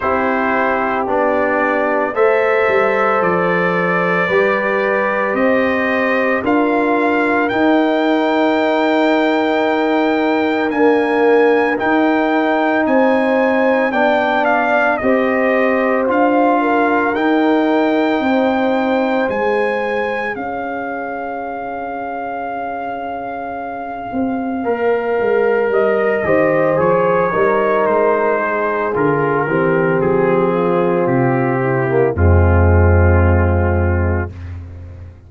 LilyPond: <<
  \new Staff \with { instrumentName = "trumpet" } { \time 4/4 \tempo 4 = 56 c''4 d''4 e''4 d''4~ | d''4 dis''4 f''4 g''4~ | g''2 gis''4 g''4 | gis''4 g''8 f''8 dis''4 f''4 |
g''2 gis''4 f''4~ | f''1 | dis''4 cis''4 c''4 ais'4 | gis'4 g'4 f'2 | }
  \new Staff \with { instrumentName = "horn" } { \time 4/4 g'2 c''2 | b'4 c''4 ais'2~ | ais'1 | c''4 d''4 c''4. ais'8~ |
ais'4 c''2 cis''4~ | cis''1~ | cis''8 c''4 ais'4 gis'4 g'8~ | g'8 f'4 e'8 c'2 | }
  \new Staff \with { instrumentName = "trombone" } { \time 4/4 e'4 d'4 a'2 | g'2 f'4 dis'4~ | dis'2 ais4 dis'4~ | dis'4 d'4 g'4 f'4 |
dis'2 gis'2~ | gis'2. ais'4~ | ais'8 g'8 gis'8 dis'4. f'8 c'8~ | c'4.~ c'16 ais16 gis2 | }
  \new Staff \with { instrumentName = "tuba" } { \time 4/4 c'4 b4 a8 g8 f4 | g4 c'4 d'4 dis'4~ | dis'2 d'4 dis'4 | c'4 b4 c'4 d'4 |
dis'4 c'4 gis4 cis'4~ | cis'2~ cis'8 c'8 ais8 gis8 | g8 dis8 f8 g8 gis4 d8 e8 | f4 c4 f,2 | }
>>